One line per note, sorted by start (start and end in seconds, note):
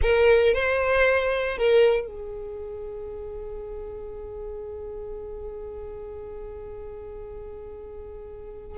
0.02 0.53 A#4
0.54 1.57 C5
1.57 2.06 A#4
2.06 8.78 G#4